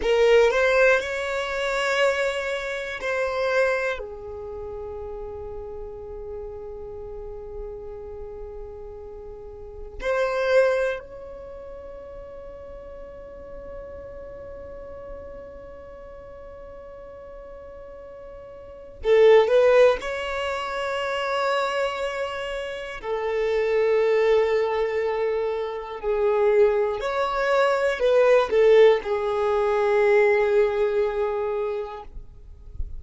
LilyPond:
\new Staff \with { instrumentName = "violin" } { \time 4/4 \tempo 4 = 60 ais'8 c''8 cis''2 c''4 | gis'1~ | gis'2 c''4 cis''4~ | cis''1~ |
cis''2. a'8 b'8 | cis''2. a'4~ | a'2 gis'4 cis''4 | b'8 a'8 gis'2. | }